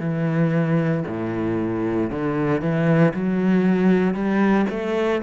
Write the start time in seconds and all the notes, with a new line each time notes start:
0.00 E3
1.08 A2
2.10 D3
2.61 E3
3.15 F#3
4.14 G3
4.70 A3